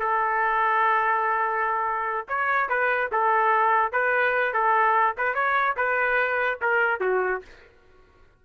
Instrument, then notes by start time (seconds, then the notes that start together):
trumpet
0.00 A4
2.29 C#5
2.70 B4
3.12 A4
3.93 B4
4.54 A4
5.18 B4
5.35 C#5
5.77 B4
6.62 A#4
7.01 F#4